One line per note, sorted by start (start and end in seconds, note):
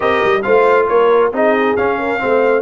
0.00 0.22 C4
0.00 0.40 G4
0.00 0.43 A#4
0.00 0.42 D#5
0.24 0.46 G3
0.42 0.89 A3
0.42 1.32 F4
0.42 0.88 C5
0.42 0.86 F5
0.88 1.32 A#3
0.88 1.34 A#4
0.88 1.32 C#5
1.32 1.76 C4
1.32 1.77 D#4
1.32 1.98 G#4
1.32 1.76 D#5
1.76 2.18 C#4
1.76 2.22 C#4
1.76 2.62 F5
1.98 2.20 A#4
2.18 2.62 A3
2.18 2.62 C4
2.18 2.62 C5